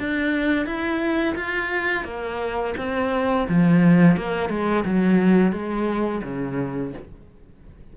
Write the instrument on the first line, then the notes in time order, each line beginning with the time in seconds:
cello
0.00 D4
0.66 E4
1.36 F4
2.05 A#3
2.78 C4
3.49 F3
4.17 A#3
4.50 G#3
4.85 F#3
5.53 G#3
6.24 C#3